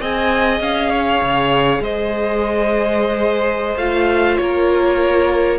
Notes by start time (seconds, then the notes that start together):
0.00 C4 G#4 D#5 G#5
0.60 C#4 F5
0.90 C#5
1.21 C#3
1.80 G#3 C5 D#5
3.76 A3 F4 F5
4.37 A#3 A#4 C#5